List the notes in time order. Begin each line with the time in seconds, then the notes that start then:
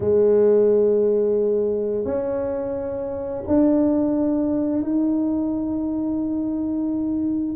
0.00 G#3
2.04 C#4
3.47 D4
4.82 D#4